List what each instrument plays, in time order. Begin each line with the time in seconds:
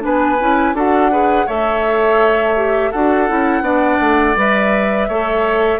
0.00 bassoon B3, clarinet D4, oboe B4, flute G#5
0.40 bassoon C#4, clarinet E4
0.73 bassoon D4, clarinet F#4, oboe A4, flute F#5
1.11 clarinet G#4, oboe B4
1.46 bassoon A3, clarinet A4, oboe C#5, flute E5
2.56 clarinet G4
2.91 bassoon D4, clarinet F#4, oboe A4, flute F#5
3.28 bassoon C#4, clarinet E4
3.61 bassoon B3, clarinet D4, oboe D5
4.00 bassoon A3
4.36 bassoon G3, clarinet B4, flute E5
5.08 bassoon A3, clarinet A4, oboe C#5